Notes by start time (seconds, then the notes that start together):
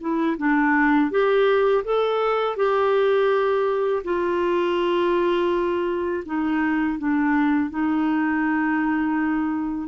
0.00 E4
0.37 D4
1.10 G4
1.84 A4
2.56 G4
4.04 F4
6.25 D#4
6.98 D4
7.70 D#4